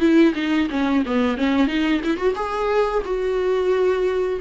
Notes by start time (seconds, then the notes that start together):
0.00 E4
0.35 D#4
0.70 C#4
1.06 B3
1.38 C#4
1.67 D#4
2.04 E4
2.17 F#4
2.36 G#4
3.05 F#4